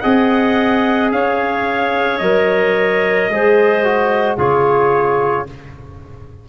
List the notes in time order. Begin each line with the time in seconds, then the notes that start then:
0.00 C4 G#4 D#5 F#5
1.12 C#4 C#5 F5
2.18 F#3 A#4 D#5
3.29 G#3 G#4 C5
3.84 F#4
4.37 C#3 F4 G#4 C#5